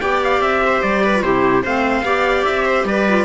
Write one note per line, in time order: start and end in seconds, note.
0.00 0.41 B3
0.00 1.13 G4
0.00 0.62 D5
0.00 0.20 G5
0.24 0.41 F5
0.41 0.82 C4
0.41 0.82 E5
0.66 1.04 C5
0.82 1.23 G3
0.82 1.22 D5
1.04 1.24 B4
1.15 1.23 F4
1.22 1.63 C3
1.22 1.64 E4
1.22 1.63 G4
1.22 1.63 C5
1.63 2.03 A3
1.63 2.05 C4
1.63 2.03 C5
1.63 2.44 F5
2.03 2.43 B3
2.03 3.07 G4
2.03 2.65 D5
2.44 2.84 C4
2.44 2.85 E5
2.65 2.86 C5
2.84 3.24 G3
2.84 3.24 B4
2.84 3.24 D5
3.08 3.24 F4